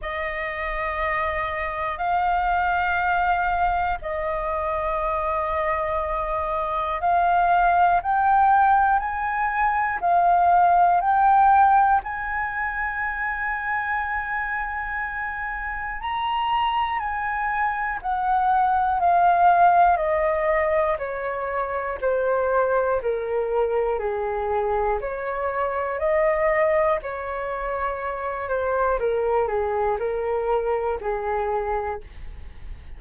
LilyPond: \new Staff \with { instrumentName = "flute" } { \time 4/4 \tempo 4 = 60 dis''2 f''2 | dis''2. f''4 | g''4 gis''4 f''4 g''4 | gis''1 |
ais''4 gis''4 fis''4 f''4 | dis''4 cis''4 c''4 ais'4 | gis'4 cis''4 dis''4 cis''4~ | cis''8 c''8 ais'8 gis'8 ais'4 gis'4 | }